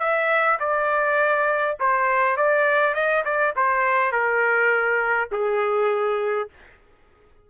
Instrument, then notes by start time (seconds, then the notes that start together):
trumpet
0.00 E5
0.60 D5
1.80 C5
2.37 D5
2.95 D#5
3.25 D5
3.56 C5
4.12 A#4
5.32 G#4